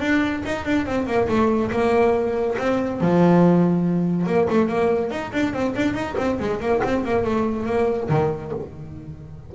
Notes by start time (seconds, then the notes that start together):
0.00 D4
0.46 D#4
0.65 D4
0.86 C4
1.07 A#3
1.28 A3
1.71 A#3
2.58 C4
3.01 F3
4.26 A#3
4.50 A3
4.68 A#3
5.10 D#4
5.33 D4
5.53 C4
5.75 D4
5.94 D#4
6.17 C4
6.39 G#3
6.60 A#3
6.84 C4
7.05 A#3
7.24 A3
7.66 A#3
8.09 D#3